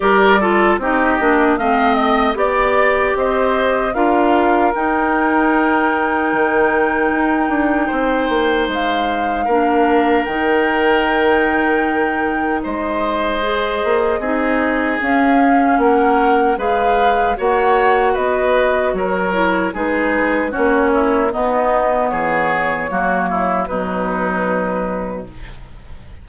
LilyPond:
<<
  \new Staff \with { instrumentName = "flute" } { \time 4/4 \tempo 4 = 76 d''4 dis''4 f''8 dis''8 d''4 | dis''4 f''4 g''2~ | g''2. f''4~ | f''4 g''2. |
dis''2. f''4 | fis''4 f''4 fis''4 dis''4 | cis''4 b'4 cis''4 dis''4 | cis''2 b'2 | }
  \new Staff \with { instrumentName = "oboe" } { \time 4/4 ais'8 a'8 g'4 dis''4 d''4 | c''4 ais'2.~ | ais'2 c''2 | ais'1 |
c''2 gis'2 | ais'4 b'4 cis''4 b'4 | ais'4 gis'4 fis'8 e'8 dis'4 | gis'4 fis'8 e'8 dis'2 | }
  \new Staff \with { instrumentName = "clarinet" } { \time 4/4 g'8 f'8 dis'8 d'8 c'4 g'4~ | g'4 f'4 dis'2~ | dis'1 | d'4 dis'2.~ |
dis'4 gis'4 dis'4 cis'4~ | cis'4 gis'4 fis'2~ | fis'8 e'8 dis'4 cis'4 b4~ | b4 ais4 fis2 | }
  \new Staff \with { instrumentName = "bassoon" } { \time 4/4 g4 c'8 ais8 a4 b4 | c'4 d'4 dis'2 | dis4 dis'8 d'8 c'8 ais8 gis4 | ais4 dis2. |
gis4. ais8 c'4 cis'4 | ais4 gis4 ais4 b4 | fis4 gis4 ais4 b4 | e4 fis4 b,2 | }
>>